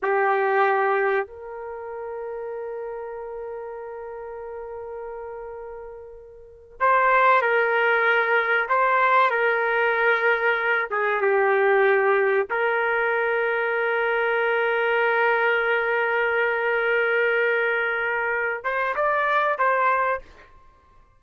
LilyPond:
\new Staff \with { instrumentName = "trumpet" } { \time 4/4 \tempo 4 = 95 g'2 ais'2~ | ais'1~ | ais'2~ ais'8. c''4 ais'16~ | ais'4.~ ais'16 c''4 ais'4~ ais'16~ |
ais'4~ ais'16 gis'8 g'2 ais'16~ | ais'1~ | ais'1~ | ais'4. c''8 d''4 c''4 | }